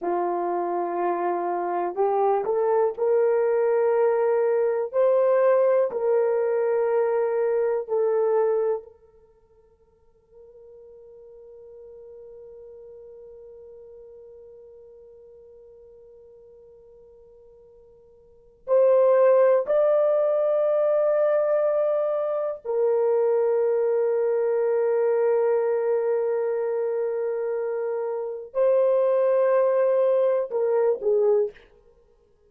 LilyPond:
\new Staff \with { instrumentName = "horn" } { \time 4/4 \tempo 4 = 61 f'2 g'8 a'8 ais'4~ | ais'4 c''4 ais'2 | a'4 ais'2.~ | ais'1~ |
ais'2. c''4 | d''2. ais'4~ | ais'1~ | ais'4 c''2 ais'8 gis'8 | }